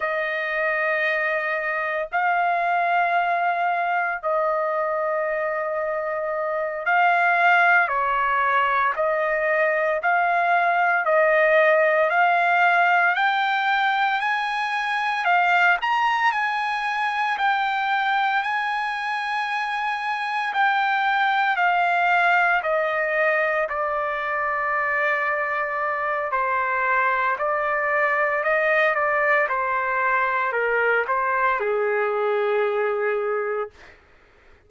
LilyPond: \new Staff \with { instrumentName = "trumpet" } { \time 4/4 \tempo 4 = 57 dis''2 f''2 | dis''2~ dis''8 f''4 cis''8~ | cis''8 dis''4 f''4 dis''4 f''8~ | f''8 g''4 gis''4 f''8 ais''8 gis''8~ |
gis''8 g''4 gis''2 g''8~ | g''8 f''4 dis''4 d''4.~ | d''4 c''4 d''4 dis''8 d''8 | c''4 ais'8 c''8 gis'2 | }